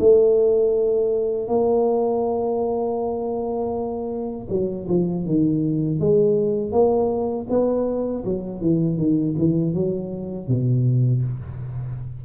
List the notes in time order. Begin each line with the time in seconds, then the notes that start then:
0.00 A3
1.48 A#3
4.50 F#3
4.89 F3
5.26 D#3
6.00 G#3
6.72 A#3
7.50 B3
8.25 F#3
8.61 E3
8.98 D#3
9.39 E3
9.74 F#3
10.48 B2